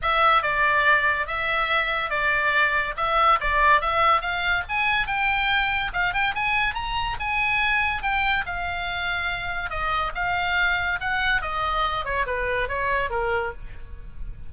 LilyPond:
\new Staff \with { instrumentName = "oboe" } { \time 4/4 \tempo 4 = 142 e''4 d''2 e''4~ | e''4 d''2 e''4 | d''4 e''4 f''4 gis''4 | g''2 f''8 g''8 gis''4 |
ais''4 gis''2 g''4 | f''2. dis''4 | f''2 fis''4 dis''4~ | dis''8 cis''8 b'4 cis''4 ais'4 | }